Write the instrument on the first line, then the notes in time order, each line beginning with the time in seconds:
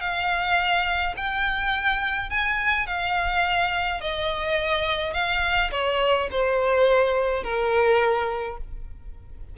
violin
0.00 F5
1.16 G5
2.30 G#5
2.86 F5
4.00 D#5
5.13 F5
5.71 C#5
6.31 C5
7.43 A#4